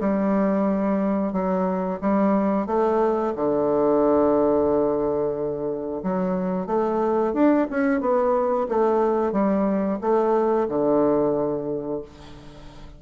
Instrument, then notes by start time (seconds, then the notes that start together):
bassoon
0.00 G3
1.32 F#3
2.00 G3
2.66 A3
3.35 D3
6.02 F#3
6.66 A3
7.33 D4
7.70 C#4
8.00 B3
8.68 A3
9.32 G3
10.00 A3
10.68 D3